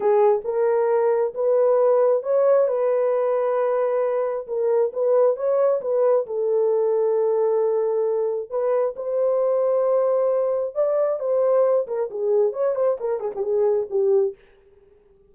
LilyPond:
\new Staff \with { instrumentName = "horn" } { \time 4/4 \tempo 4 = 134 gis'4 ais'2 b'4~ | b'4 cis''4 b'2~ | b'2 ais'4 b'4 | cis''4 b'4 a'2~ |
a'2. b'4 | c''1 | d''4 c''4. ais'8 gis'4 | cis''8 c''8 ais'8 gis'16 g'16 gis'4 g'4 | }